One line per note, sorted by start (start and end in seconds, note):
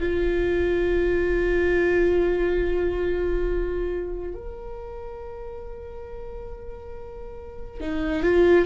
0.00 4.35 F4
4.35 7.81 A#4
7.81 8.23 D#4
8.23 8.66 F4